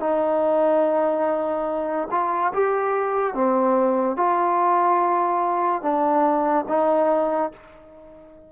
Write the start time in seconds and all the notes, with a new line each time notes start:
0.00 D#4
2.11 F4
2.53 G4
3.34 C4
4.17 F4
5.82 D4
6.68 D#4